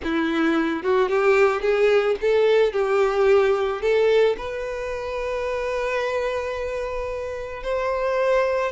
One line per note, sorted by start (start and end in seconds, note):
0.03 0.83 E4
0.83 1.08 F#4
1.08 1.61 G4
1.61 2.16 G#4
2.21 2.72 A4
2.72 3.81 G4
3.81 4.36 A4
4.37 7.63 B4
7.63 8.71 C5